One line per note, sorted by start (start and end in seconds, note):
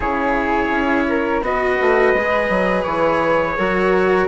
0.00 0.70 C#3
0.00 1.42 E4
0.00 1.05 G#4
0.00 1.43 C#5
0.70 1.41 C#4
1.08 1.44 A#4
1.41 1.77 B3
1.41 2.15 F#4
1.41 3.57 B4
1.41 2.83 D#5
1.81 2.14 A3
2.14 2.49 G#3
2.14 3.58 G#4
2.49 2.85 F#3
2.83 3.56 E3
2.83 4.26 C#5
3.57 4.28 F#3
3.57 4.28 F#4
3.57 4.28 A#4